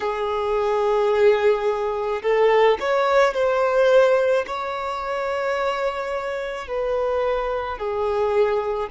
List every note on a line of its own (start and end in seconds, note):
0.00 2.22 G#4
2.22 2.78 A4
2.80 3.34 C#5
3.34 4.45 C5
4.46 6.67 C#5
6.67 7.78 B4
7.78 8.89 G#4